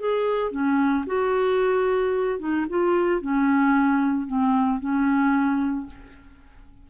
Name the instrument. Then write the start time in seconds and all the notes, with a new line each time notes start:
clarinet
0.00 G#4
0.52 C#4
1.07 F#4
2.39 D#4
2.70 F4
3.21 C#4
4.27 C4
4.80 C#4